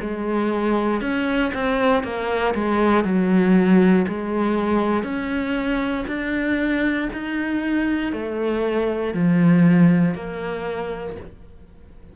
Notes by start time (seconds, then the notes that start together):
0.00 G#3
1.00 C#4
1.53 C4
2.03 A#3
2.54 G#3
3.04 F#3
4.07 G#3
5.03 C#4
6.07 D4
7.13 D#4
8.12 A3
9.13 F3
10.14 A#3